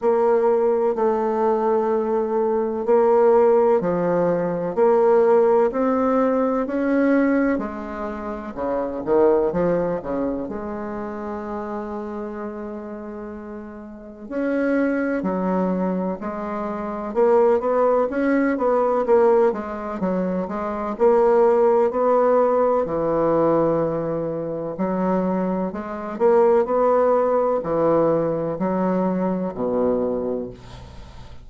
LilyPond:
\new Staff \with { instrumentName = "bassoon" } { \time 4/4 \tempo 4 = 63 ais4 a2 ais4 | f4 ais4 c'4 cis'4 | gis4 cis8 dis8 f8 cis8 gis4~ | gis2. cis'4 |
fis4 gis4 ais8 b8 cis'8 b8 | ais8 gis8 fis8 gis8 ais4 b4 | e2 fis4 gis8 ais8 | b4 e4 fis4 b,4 | }